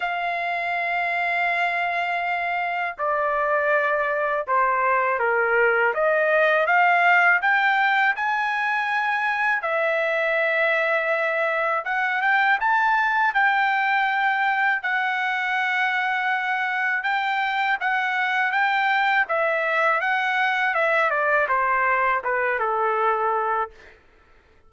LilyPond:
\new Staff \with { instrumentName = "trumpet" } { \time 4/4 \tempo 4 = 81 f''1 | d''2 c''4 ais'4 | dis''4 f''4 g''4 gis''4~ | gis''4 e''2. |
fis''8 g''8 a''4 g''2 | fis''2. g''4 | fis''4 g''4 e''4 fis''4 | e''8 d''8 c''4 b'8 a'4. | }